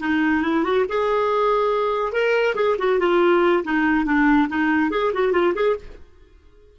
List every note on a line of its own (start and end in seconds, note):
0.00 0.43 D#4
0.43 0.64 E4
0.64 0.85 F#4
0.89 2.12 G#4
2.12 2.55 A#4
2.55 2.76 G#4
2.79 2.99 F#4
2.99 3.63 F4
3.64 4.05 D#4
4.05 4.48 D4
4.49 4.91 D#4
4.91 5.12 G#4
5.14 5.32 F#4
5.32 5.54 F4
5.55 5.76 G#4